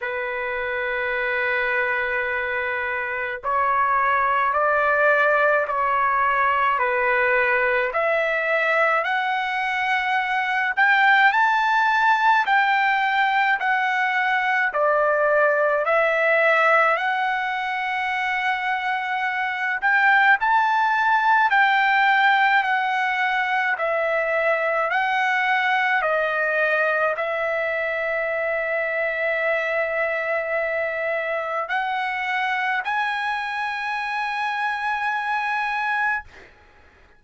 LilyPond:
\new Staff \with { instrumentName = "trumpet" } { \time 4/4 \tempo 4 = 53 b'2. cis''4 | d''4 cis''4 b'4 e''4 | fis''4. g''8 a''4 g''4 | fis''4 d''4 e''4 fis''4~ |
fis''4. g''8 a''4 g''4 | fis''4 e''4 fis''4 dis''4 | e''1 | fis''4 gis''2. | }